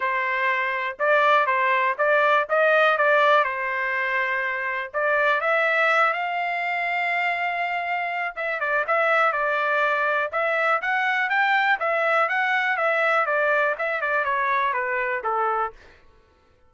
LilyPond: \new Staff \with { instrumentName = "trumpet" } { \time 4/4 \tempo 4 = 122 c''2 d''4 c''4 | d''4 dis''4 d''4 c''4~ | c''2 d''4 e''4~ | e''8 f''2.~ f''8~ |
f''4 e''8 d''8 e''4 d''4~ | d''4 e''4 fis''4 g''4 | e''4 fis''4 e''4 d''4 | e''8 d''8 cis''4 b'4 a'4 | }